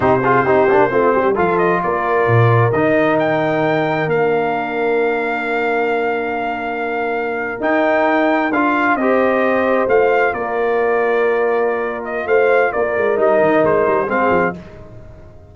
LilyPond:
<<
  \new Staff \with { instrumentName = "trumpet" } { \time 4/4 \tempo 4 = 132 c''2. f''8 dis''8 | d''2 dis''4 g''4~ | g''4 f''2.~ | f''1~ |
f''8. g''2 f''4 dis''16~ | dis''4.~ dis''16 f''4 d''4~ d''16~ | d''2~ d''8 dis''8 f''4 | d''4 dis''4 c''4 f''4 | }
  \new Staff \with { instrumentName = "horn" } { \time 4/4 g'8 gis'8 g'4 f'8 g'8 a'4 | ais'1~ | ais'1~ | ais'1~ |
ais'2.~ ais'8. c''16~ | c''2~ c''8. ais'4~ ais'16~ | ais'2. c''4 | ais'2. gis'4 | }
  \new Staff \with { instrumentName = "trombone" } { \time 4/4 dis'8 f'8 dis'8 d'8 c'4 f'4~ | f'2 dis'2~ | dis'4 d'2.~ | d'1~ |
d'8. dis'2 f'4 g'16~ | g'4.~ g'16 f'2~ f'16~ | f'1~ | f'4 dis'2 c'4 | }
  \new Staff \with { instrumentName = "tuba" } { \time 4/4 c4 c'8 ais8 a8 g8 f4 | ais4 ais,4 dis2~ | dis4 ais2.~ | ais1~ |
ais8. dis'2 d'4 c'16~ | c'4.~ c'16 a4 ais4~ ais16~ | ais2. a4 | ais8 gis8 g8 dis8 gis8 g8 gis8 f8 | }
>>